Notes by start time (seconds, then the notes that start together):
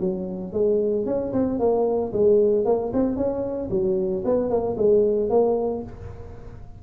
0.00 F#3
0.53 G#3
1.06 C#4
1.33 C4
1.60 A#3
2.13 G#3
2.65 A#3
2.93 C4
3.16 C#4
3.70 F#3
4.25 B3
4.49 A#3
4.77 G#3
5.30 A#3